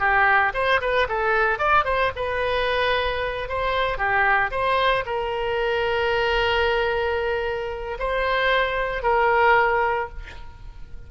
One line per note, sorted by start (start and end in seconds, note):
0.00 0.53 G4
0.55 0.81 C5
0.81 1.08 B4
1.09 1.59 A4
1.59 1.85 D5
1.85 2.12 C5
2.16 3.49 B4
3.49 3.98 C5
3.98 4.51 G4
4.52 5.05 C5
5.06 7.98 A#4
8.00 9.03 C5
9.03 10.09 A#4